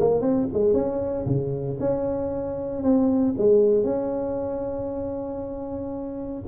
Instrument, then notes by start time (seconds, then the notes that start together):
tuba
0.00 A#3
0.21 C4
0.54 G#3
0.74 C#4
1.26 C#3
1.80 C#4
2.83 C4
3.38 G#3
3.84 C#4